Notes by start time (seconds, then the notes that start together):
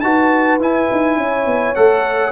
0.00 D#4 F#4 B4 A5
0.59 E4 G#5
0.91 D#4
1.17 C#4 C#5
1.46 B3
1.75 A3 A4 F#5